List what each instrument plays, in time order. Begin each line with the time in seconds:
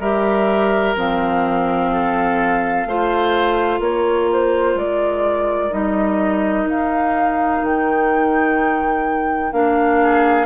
0.00 bassoon G3, clarinet G4, oboe A#4, flute E5
0.95 bassoon F3, clarinet C4, flute F5
1.93 oboe A4
2.86 bassoon A3, clarinet F4, oboe C5
3.80 bassoon A#3, oboe A#4, flute C#5
4.33 flute C5
4.75 bassoon G#3, flute D5
5.70 bassoon G3, clarinet D#4, flute D#5
6.65 bassoon D#4, flute F5
7.62 bassoon D#3, flute G5
9.52 bassoon A#3, clarinet D4, flute F5
10.03 oboe G#4